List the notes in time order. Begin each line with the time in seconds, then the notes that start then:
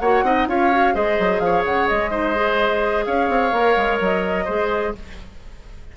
0.00 A#3 F#4 C#5 F#5
0.23 C4 D#4 D#5
0.47 C#4 F4 C#5 F5
0.71 F#4
0.94 G#3 G#4 C5 D#5
1.19 F#3
1.40 F3 C#5 F5
1.65 C#3 F#5
1.88 G#3 D#5
2.11 D#4 C5
2.35 G#4
3.05 C#4 C#5 F5
3.29 C4
3.52 A#3 A#4
3.77 G#3
4.00 F#3 D#5
4.45 G#3 G#4 C5